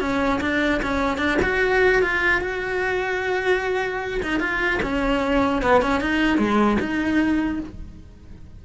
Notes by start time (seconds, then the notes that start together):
0.00 C#4
0.41 D4
0.82 C#4
1.18 D4
1.42 F#4
2.02 F4
2.41 F#4
4.22 D#4
4.40 F4
4.82 C#4
5.62 B3
5.82 C#4
6.01 D#4
6.37 G#3
6.80 D#4